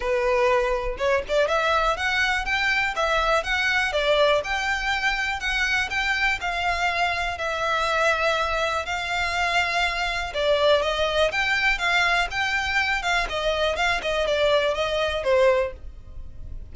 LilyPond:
\new Staff \with { instrumentName = "violin" } { \time 4/4 \tempo 4 = 122 b'2 cis''8 d''8 e''4 | fis''4 g''4 e''4 fis''4 | d''4 g''2 fis''4 | g''4 f''2 e''4~ |
e''2 f''2~ | f''4 d''4 dis''4 g''4 | f''4 g''4. f''8 dis''4 | f''8 dis''8 d''4 dis''4 c''4 | }